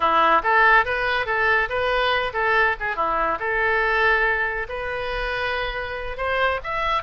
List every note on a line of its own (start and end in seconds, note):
0.00 0.41 E4
0.43 0.85 A4
0.85 1.26 B4
1.26 1.68 A4
1.69 2.32 B4
2.33 2.75 A4
2.80 2.96 G#4
2.96 3.38 E4
3.39 4.67 A4
4.68 6.17 B4
6.17 6.60 C5
6.63 7.03 E5